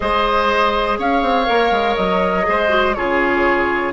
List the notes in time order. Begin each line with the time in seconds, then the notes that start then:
0.00 G#3 G#4 C5 D#5
0.98 C#4 C#5 F5
1.22 C4
1.45 A#3 A#4
1.71 G#3
1.96 F#3 D#5
2.43 G#3 G#4 C5
2.69 F#4
2.94 C#3 F4 G#4 C#5